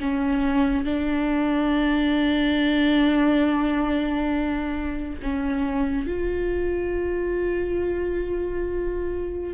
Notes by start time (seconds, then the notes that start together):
0.00 C#4
0.85 D4
5.22 C#4
6.07 F4